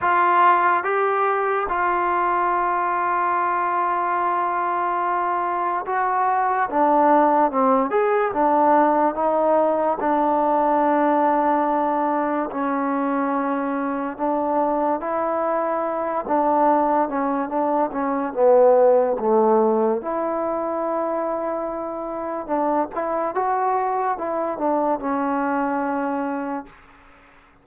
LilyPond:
\new Staff \with { instrumentName = "trombone" } { \time 4/4 \tempo 4 = 72 f'4 g'4 f'2~ | f'2. fis'4 | d'4 c'8 gis'8 d'4 dis'4 | d'2. cis'4~ |
cis'4 d'4 e'4. d'8~ | d'8 cis'8 d'8 cis'8 b4 a4 | e'2. d'8 e'8 | fis'4 e'8 d'8 cis'2 | }